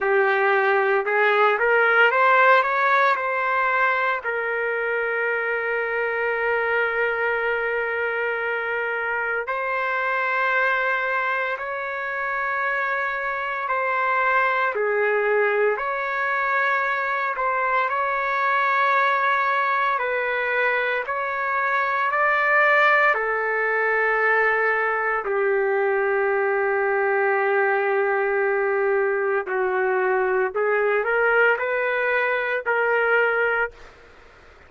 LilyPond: \new Staff \with { instrumentName = "trumpet" } { \time 4/4 \tempo 4 = 57 g'4 gis'8 ais'8 c''8 cis''8 c''4 | ais'1~ | ais'4 c''2 cis''4~ | cis''4 c''4 gis'4 cis''4~ |
cis''8 c''8 cis''2 b'4 | cis''4 d''4 a'2 | g'1 | fis'4 gis'8 ais'8 b'4 ais'4 | }